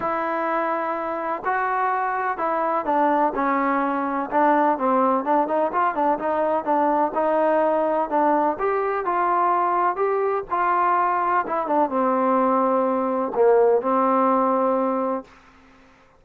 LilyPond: \new Staff \with { instrumentName = "trombone" } { \time 4/4 \tempo 4 = 126 e'2. fis'4~ | fis'4 e'4 d'4 cis'4~ | cis'4 d'4 c'4 d'8 dis'8 | f'8 d'8 dis'4 d'4 dis'4~ |
dis'4 d'4 g'4 f'4~ | f'4 g'4 f'2 | e'8 d'8 c'2. | ais4 c'2. | }